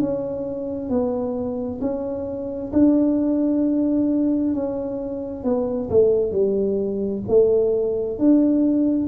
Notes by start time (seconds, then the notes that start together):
0.00 C#4
0.90 B3
1.81 C#4
2.73 D4
4.54 C#4
5.44 B3
5.90 A3
6.32 G3
7.28 A3
8.19 D4